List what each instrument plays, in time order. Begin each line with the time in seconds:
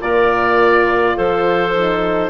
0.00 bassoon A#2, horn F4, clarinet A#4, oboe D5
1.16 bassoon F3, clarinet A4, oboe C5
1.74 horn D#4